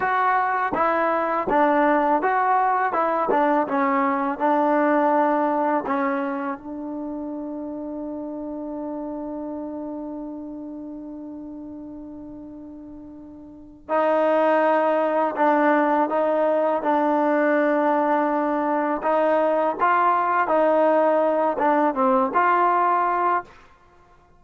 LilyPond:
\new Staff \with { instrumentName = "trombone" } { \time 4/4 \tempo 4 = 82 fis'4 e'4 d'4 fis'4 | e'8 d'8 cis'4 d'2 | cis'4 d'2.~ | d'1~ |
d'2. dis'4~ | dis'4 d'4 dis'4 d'4~ | d'2 dis'4 f'4 | dis'4. d'8 c'8 f'4. | }